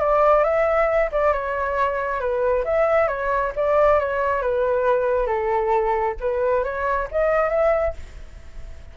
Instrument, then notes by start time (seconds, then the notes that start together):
flute
0.00 D5
0.44 E5
1.12 D5
1.33 C#5
2.20 B4
2.65 E5
3.08 C#5
3.56 D5
3.99 C#5
4.42 B4
5.27 A4
6.20 B4
6.64 C#5
7.12 D#5
7.50 E5